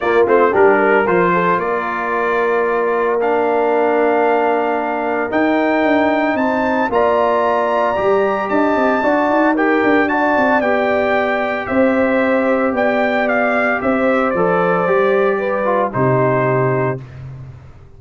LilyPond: <<
  \new Staff \with { instrumentName = "trumpet" } { \time 4/4 \tempo 4 = 113 d''8 c''8 ais'4 c''4 d''4~ | d''2 f''2~ | f''2 g''2 | a''4 ais''2. |
a''2 g''4 a''4 | g''2 e''2 | g''4 f''4 e''4 d''4~ | d''2 c''2 | }
  \new Staff \with { instrumentName = "horn" } { \time 4/4 f'4 g'8 ais'4 a'8 ais'4~ | ais'1~ | ais'1 | c''4 d''2. |
dis''4 d''4 ais'4 d''4~ | d''2 c''2 | d''2 c''2~ | c''4 b'4 g'2 | }
  \new Staff \with { instrumentName = "trombone" } { \time 4/4 ais8 c'8 d'4 f'2~ | f'2 d'2~ | d'2 dis'2~ | dis'4 f'2 g'4~ |
g'4 fis'4 g'4 fis'4 | g'1~ | g'2. a'4 | g'4. f'8 dis'2 | }
  \new Staff \with { instrumentName = "tuba" } { \time 4/4 ais8 a8 g4 f4 ais4~ | ais1~ | ais2 dis'4 d'4 | c'4 ais2 g4 |
d'8 c'8 d'8 dis'4 d'4 c'8 | b2 c'2 | b2 c'4 f4 | g2 c2 | }
>>